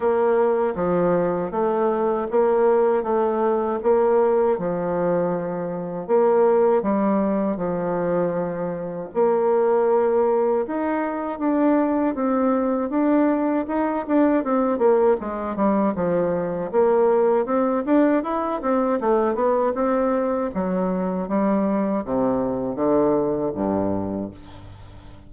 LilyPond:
\new Staff \with { instrumentName = "bassoon" } { \time 4/4 \tempo 4 = 79 ais4 f4 a4 ais4 | a4 ais4 f2 | ais4 g4 f2 | ais2 dis'4 d'4 |
c'4 d'4 dis'8 d'8 c'8 ais8 | gis8 g8 f4 ais4 c'8 d'8 | e'8 c'8 a8 b8 c'4 fis4 | g4 c4 d4 g,4 | }